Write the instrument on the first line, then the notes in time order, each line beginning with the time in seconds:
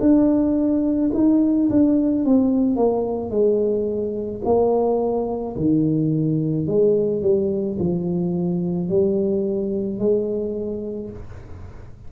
tuba
0.00 D4
1.14 D#4
1.70 D4
2.25 C4
2.76 A#3
3.30 G#3
4.45 A#3
5.56 D#3
6.67 G#3
7.22 G3
7.79 F3
8.89 G3
9.99 G#3